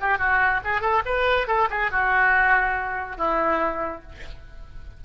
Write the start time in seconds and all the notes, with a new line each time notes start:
0.00 G4
0.18 F#4
0.64 G#4
0.81 A4
1.05 B4
1.47 A4
1.70 G#4
1.91 F#4
3.17 E4